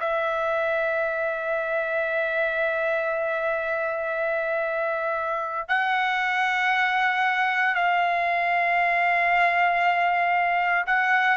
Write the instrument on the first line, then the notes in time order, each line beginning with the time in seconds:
trumpet
0.00 E5
5.68 F#5
7.74 F5
10.86 F#5